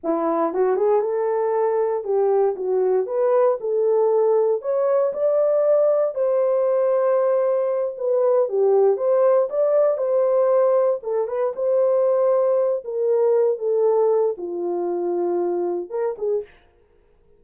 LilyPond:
\new Staff \with { instrumentName = "horn" } { \time 4/4 \tempo 4 = 117 e'4 fis'8 gis'8 a'2 | g'4 fis'4 b'4 a'4~ | a'4 cis''4 d''2 | c''2.~ c''8 b'8~ |
b'8 g'4 c''4 d''4 c''8~ | c''4. a'8 b'8 c''4.~ | c''4 ais'4. a'4. | f'2. ais'8 gis'8 | }